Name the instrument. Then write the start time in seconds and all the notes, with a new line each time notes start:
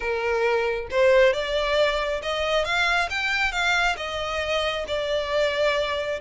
violin
0.00 A#4
0.90 C5
1.33 D5
2.22 D#5
2.65 F5
3.10 G5
3.52 F5
3.96 D#5
4.87 D5